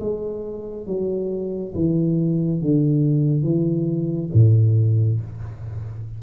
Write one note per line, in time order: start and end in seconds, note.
0.00 0.87 G#3
0.87 1.74 F#3
1.75 2.61 E3
2.61 3.43 D3
3.43 4.30 E3
4.34 5.21 A2